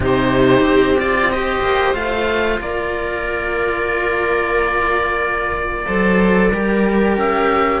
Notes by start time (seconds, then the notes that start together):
0.00 C3 D#4 G4 C5
0.61 C4
0.98 F4 D5
1.29 G4 C5 D#5
1.61 A#3
1.94 A3 F4 F5
2.60 A#3 A#4 D5
5.86 F#3 A4 C5
6.50 G3 G4 A#4
7.17 C#4 E5